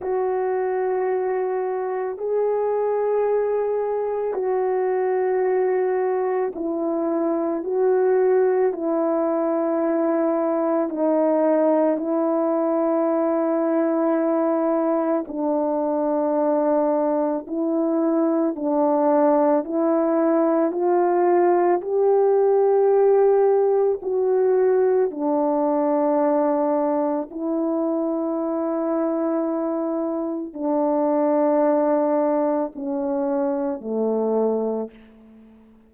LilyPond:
\new Staff \with { instrumentName = "horn" } { \time 4/4 \tempo 4 = 55 fis'2 gis'2 | fis'2 e'4 fis'4 | e'2 dis'4 e'4~ | e'2 d'2 |
e'4 d'4 e'4 f'4 | g'2 fis'4 d'4~ | d'4 e'2. | d'2 cis'4 a4 | }